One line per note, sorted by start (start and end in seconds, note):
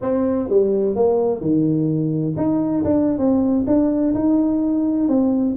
0.01 0.49 C4
0.49 0.95 G3
0.95 1.40 A#3
1.40 2.35 D#3
2.36 2.83 D#4
2.84 3.17 D4
3.17 3.65 C4
3.66 4.14 D4
4.14 5.08 D#4
5.08 5.55 C4